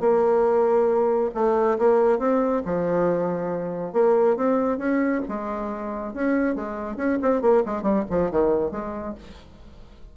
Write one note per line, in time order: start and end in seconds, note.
0.00 1.30 A#3
1.34 1.78 A3
1.78 2.19 A#3
2.19 2.62 C4
2.65 3.93 F3
3.93 4.36 A#3
4.36 4.78 C4
4.78 5.21 C#4
5.28 6.13 G#3
6.13 6.55 C#4
6.55 6.96 G#3
6.96 7.18 C#4
7.22 7.42 C4
7.42 7.63 A#3
7.66 7.82 G#3
7.82 8.04 G3
8.10 8.31 F3
8.31 8.71 D#3
8.71 9.15 G#3